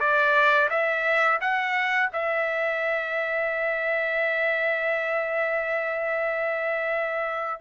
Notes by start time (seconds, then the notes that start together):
0.00 D5
0.70 E5
1.41 F#5
2.13 E5